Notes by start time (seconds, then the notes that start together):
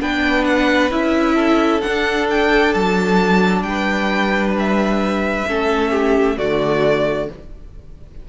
0.00 B3 D4 B4 G5
0.45 F#5
0.91 C#4 E4 E5
1.35 A4
1.82 D4 F#5
2.30 G5
2.75 F#3 A5
3.62 G3 G5
3.69 B4
4.60 E5
5.48 A3 C#4 A4
5.91 G4
6.38 D3 A3 F#4 D5